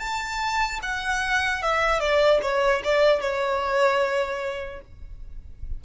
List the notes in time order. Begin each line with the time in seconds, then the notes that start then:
0.00 A5
0.83 F#5
1.63 E5
2.00 D5
2.43 C#5
2.85 D5
3.21 C#5